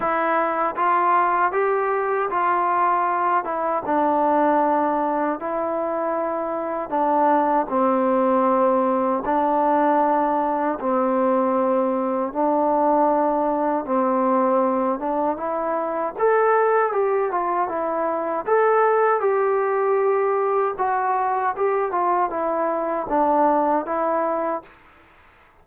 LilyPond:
\new Staff \with { instrumentName = "trombone" } { \time 4/4 \tempo 4 = 78 e'4 f'4 g'4 f'4~ | f'8 e'8 d'2 e'4~ | e'4 d'4 c'2 | d'2 c'2 |
d'2 c'4. d'8 | e'4 a'4 g'8 f'8 e'4 | a'4 g'2 fis'4 | g'8 f'8 e'4 d'4 e'4 | }